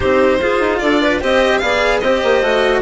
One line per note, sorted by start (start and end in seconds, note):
0.00 0.40 C4
0.00 0.40 D#4
0.00 0.40 G4
0.00 0.78 C5
0.40 0.60 F4
0.40 1.21 F4
0.40 0.80 G#4
0.60 0.80 D#4
0.78 1.22 D4
0.78 1.01 A4
0.78 1.19 D5
1.01 1.21 B4
1.21 1.62 C4
1.21 1.61 G4
1.21 1.61 C5
1.21 1.58 D#5
1.58 2.02 B3
1.58 2.02 G#4
1.58 2.02 D5
1.58 1.98 F5
2.00 2.22 C4
2.00 2.42 G4
2.00 2.81 C5
2.00 2.80 D#5
2.23 2.41 A#3
2.41 2.81 A3
2.41 2.81 F#4